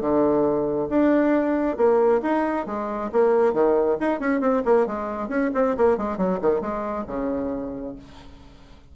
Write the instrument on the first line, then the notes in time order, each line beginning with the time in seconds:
bassoon
0.00 D3
0.89 D4
1.77 A#3
2.22 D#4
2.66 G#3
3.12 A#3
3.53 D#3
4.00 D#4
4.19 C#4
4.40 C4
4.64 A#3
4.86 G#3
5.28 C#4
5.54 C4
5.77 A#3
5.97 G#3
6.17 F#3
6.41 D#3
6.61 G#3
7.06 C#3